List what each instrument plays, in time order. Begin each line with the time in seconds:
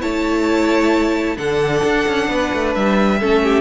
0.00 cello A3, viola E4, violin C#5 A5
1.37 cello D3, viola D4, violin A4 F#5
1.84 cello D4
2.07 cello C#4
2.28 cello B3, violin B4
2.53 cello A3
2.75 cello G3, violin E5
3.19 cello A3, viola C#4, violin A4
3.43 violin G4